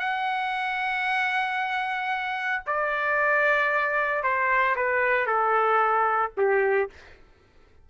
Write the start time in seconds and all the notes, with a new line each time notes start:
0.00 F#5
2.67 D5
4.24 C5
4.76 B4
5.27 A4
6.38 G4